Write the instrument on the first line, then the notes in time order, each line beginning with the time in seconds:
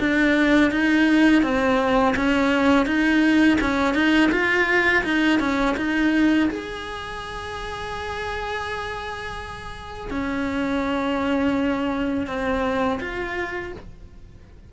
cello
0.00 D4
0.72 D#4
1.43 C4
2.16 C#4
2.86 D#4
3.61 C#4
3.94 D#4
4.32 F4
5.04 D#4
5.40 C#4
5.77 D#4
6.50 G#4
10.10 C#4
12.27 C4
13.00 F4